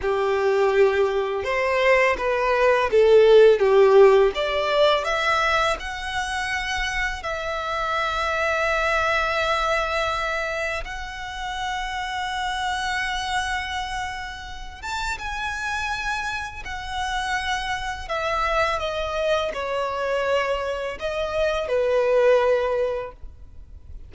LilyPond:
\new Staff \with { instrumentName = "violin" } { \time 4/4 \tempo 4 = 83 g'2 c''4 b'4 | a'4 g'4 d''4 e''4 | fis''2 e''2~ | e''2. fis''4~ |
fis''1~ | fis''8 a''8 gis''2 fis''4~ | fis''4 e''4 dis''4 cis''4~ | cis''4 dis''4 b'2 | }